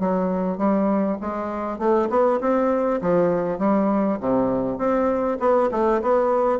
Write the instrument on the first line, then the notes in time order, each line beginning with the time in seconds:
bassoon
0.00 F#3
0.58 G3
1.21 G#3
1.79 A3
2.10 B3
2.41 C4
3.02 F3
3.59 G3
4.21 C3
4.78 C4
5.40 B3
5.72 A3
6.02 B3